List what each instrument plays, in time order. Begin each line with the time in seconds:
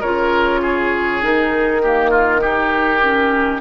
0.00 bassoon C#3, clarinet F4, oboe A#4, flute C#5
0.62 oboe G#4
1.22 bassoon D#3, clarinet D#4, flute A#4
1.82 clarinet A#3, oboe G4
2.10 oboe F4
2.39 clarinet D#4, oboe G4
3.02 clarinet C#4